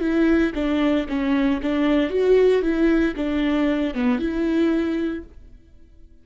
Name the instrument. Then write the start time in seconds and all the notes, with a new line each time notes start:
viola
0.00 E4
0.54 D4
1.08 C#4
1.62 D4
2.10 F#4
2.62 E4
3.16 D4
3.94 B3
4.19 E4